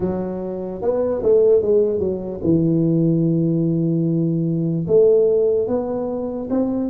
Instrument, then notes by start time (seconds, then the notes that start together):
tuba
0.00 F#3
0.81 B3
1.22 A3
1.61 G#3
1.99 F#3
2.43 E3
4.86 A3
5.68 B3
6.49 C4